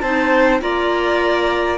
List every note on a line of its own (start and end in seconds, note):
0.00 0.61 C4
0.00 0.60 D#4
0.00 0.61 C5
0.00 0.59 A5
0.60 1.78 A#3
0.60 1.78 F4
0.60 1.78 D5
0.60 1.78 A#5